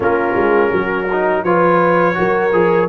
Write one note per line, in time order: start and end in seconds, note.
0.00 0.34 A#3
0.00 1.07 C#4
0.00 0.70 F4
0.00 1.44 A#4
0.35 0.71 G#3
0.70 1.43 F#3
0.70 1.42 F#4
1.12 1.45 D#4
1.43 2.16 F3
1.43 2.14 F4
1.43 2.17 B4
1.43 2.88 C#5
2.14 2.53 F#3
2.14 2.50 F#4
2.14 2.89 A#4
2.52 2.89 F3
2.52 2.89 G#4